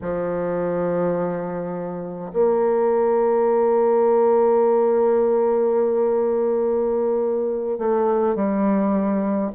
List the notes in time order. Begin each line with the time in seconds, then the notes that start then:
0.01 F3
2.32 A#3
7.78 A3
8.35 G3